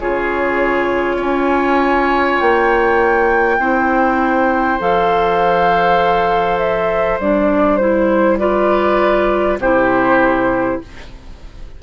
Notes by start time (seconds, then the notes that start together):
0.00 C#3 F4 G#4 C#5
1.16 C#4 C#5 G#5
2.41 A#3 G5
3.59 C4 E4 C5
4.80 F3 A4 F5
6.58 E5
7.19 G3 D4 D5
7.77 E4 C5
8.38 F4 B4 D5
9.58 C3 E4 G4 C5